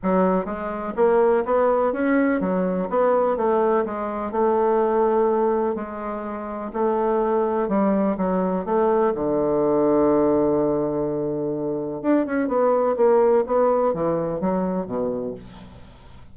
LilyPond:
\new Staff \with { instrumentName = "bassoon" } { \time 4/4 \tempo 4 = 125 fis4 gis4 ais4 b4 | cis'4 fis4 b4 a4 | gis4 a2. | gis2 a2 |
g4 fis4 a4 d4~ | d1~ | d4 d'8 cis'8 b4 ais4 | b4 e4 fis4 b,4 | }